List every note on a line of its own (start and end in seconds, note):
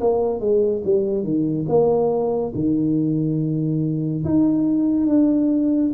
0.00 0.40 A#3
0.40 0.82 G#3
0.84 1.23 G3
1.23 1.66 D#3
1.68 2.52 A#3
2.54 4.23 D#3
4.24 5.07 D#4
5.07 5.91 D4